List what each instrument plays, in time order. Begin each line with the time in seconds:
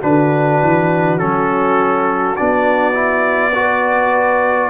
0.00 tuba D3, trombone D4, horn F#4, trumpet B4
0.63 tuba E3
1.19 tuba F#3, trombone C#4, trumpet A4
2.37 tuba B3, trombone D4, trumpet D5
2.94 trombone E4
3.55 trombone F#4, horn B4